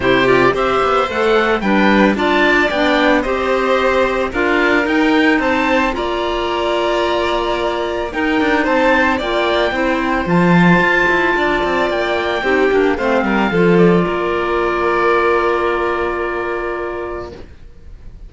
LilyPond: <<
  \new Staff \with { instrumentName = "oboe" } { \time 4/4 \tempo 4 = 111 c''8 d''8 e''4 fis''4 g''4 | a''4 g''4 dis''2 | f''4 g''4 a''4 ais''4~ | ais''2. g''4 |
a''4 g''2 a''4~ | a''2 g''2 | f''4. d''2~ d''8~ | d''1 | }
  \new Staff \with { instrumentName = "violin" } { \time 4/4 g'4 c''2 b'4 | d''2 c''2 | ais'2 c''4 d''4~ | d''2. ais'4 |
c''4 d''4 c''2~ | c''4 d''2 g'4 | c''8 ais'8 a'4 ais'2~ | ais'1 | }
  \new Staff \with { instrumentName = "clarinet" } { \time 4/4 e'8 f'8 g'4 a'4 d'4 | f'4 d'4 g'2 | f'4 dis'2 f'4~ | f'2. dis'4~ |
dis'4 f'4 e'4 f'4~ | f'2. dis'8 d'8 | c'4 f'2.~ | f'1 | }
  \new Staff \with { instrumentName = "cello" } { \time 4/4 c4 c'8 b8 a4 g4 | d'4 b4 c'2 | d'4 dis'4 c'4 ais4~ | ais2. dis'8 d'8 |
c'4 ais4 c'4 f4 | f'8 e'8 d'8 c'8 ais4 c'8 ais8 | a8 g8 f4 ais2~ | ais1 | }
>>